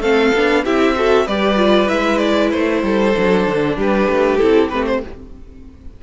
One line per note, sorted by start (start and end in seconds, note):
0.00 0.31 A3
0.00 0.33 C4
0.00 0.63 A4
0.00 0.64 F5
0.34 0.65 B3
0.34 0.65 D4
0.64 1.27 C4
0.64 0.96 E4
0.64 0.95 G4
0.64 1.27 E5
0.96 1.27 F#4
0.96 1.25 A4
1.25 1.89 G3
1.25 1.57 G4
1.25 2.82 B4
1.25 1.88 D5
1.57 1.88 F4
1.88 2.53 G#3
1.88 3.12 E4
1.88 2.18 E5
2.18 2.49 D5
2.51 2.83 A3
2.51 3.76 C5
2.83 3.14 G3
2.83 3.76 A4
3.15 3.47 F#3
3.15 4.39 D4
3.47 3.76 D3
3.76 4.08 G3
3.76 5.01 G4
3.76 4.37 B4
4.09 4.40 A3
4.37 4.72 C4
4.37 4.70 E4
4.37 4.68 A4
4.69 5.03 A3
4.69 5.02 C4
4.69 4.85 B4
4.86 5.02 C5